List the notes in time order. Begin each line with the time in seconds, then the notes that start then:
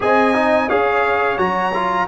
0.00 C4 G#4 D#5 G#5
0.34 D#4
0.69 C#4 G#4 C#5 F5
1.37 F#3 F#4 A#5
1.74 F4